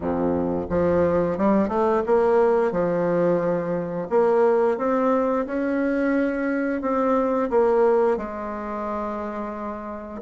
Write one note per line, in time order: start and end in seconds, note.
0.00 0.67 F2
0.69 1.37 F3
1.37 1.68 G3
1.68 2.02 A3
2.05 2.71 A#3
2.71 4.08 F3
4.09 4.77 A#3
4.77 5.45 C4
5.46 6.81 C#4
6.81 7.49 C4
7.50 8.17 A#3
8.17 10.21 G#3